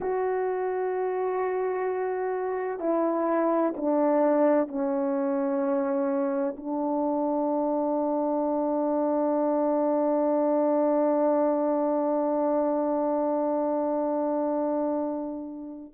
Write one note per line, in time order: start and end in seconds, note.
0.00 2.79 F#4
2.79 3.73 E4
3.76 4.68 D4
4.68 6.55 C#4
6.56 15.93 D4